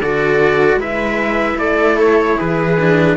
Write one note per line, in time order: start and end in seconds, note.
0.00 0.76 D3
0.00 0.80 F#4
0.00 0.79 A4
0.00 0.80 D5
0.76 1.55 G#3
0.76 2.77 E4
0.76 1.59 B4
0.76 1.59 E5
1.57 2.36 A3
1.57 2.37 A4
1.57 1.98 D5
2.00 2.39 C#5
2.37 3.17 E3
2.37 3.16 G#4
2.37 3.17 B4
2.80 3.17 D4